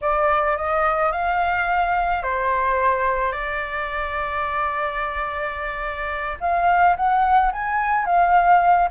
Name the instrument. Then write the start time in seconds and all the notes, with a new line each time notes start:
flute
0.01 D5
0.56 D#5
1.12 F5
2.22 C5
3.32 D5
6.40 F5
6.96 F#5
7.52 G#5
8.05 F5